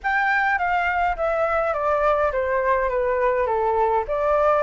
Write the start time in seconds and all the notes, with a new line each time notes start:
0.03 G5
0.58 F5
1.16 E5
1.73 D5
2.32 C5
2.89 B4
3.46 A4
4.07 D5